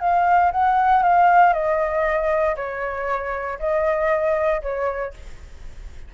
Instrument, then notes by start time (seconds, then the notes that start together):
flute
0.00 F5
0.52 F#5
1.03 F5
1.53 D#5
2.56 C#5
3.59 D#5
4.62 C#5